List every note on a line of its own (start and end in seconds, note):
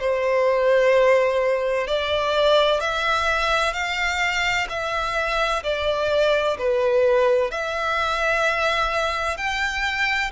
0.00 1.87 C5
1.87 2.80 D5
2.80 3.73 E5
3.73 4.67 F5
4.69 5.63 E5
5.63 6.57 D5
6.58 7.50 B4
7.50 9.37 E5
9.37 10.31 G5